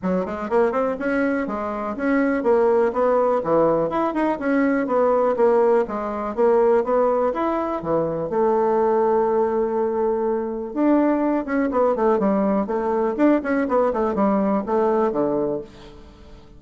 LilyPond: \new Staff \with { instrumentName = "bassoon" } { \time 4/4 \tempo 4 = 123 fis8 gis8 ais8 c'8 cis'4 gis4 | cis'4 ais4 b4 e4 | e'8 dis'8 cis'4 b4 ais4 | gis4 ais4 b4 e'4 |
e4 a2.~ | a2 d'4. cis'8 | b8 a8 g4 a4 d'8 cis'8 | b8 a8 g4 a4 d4 | }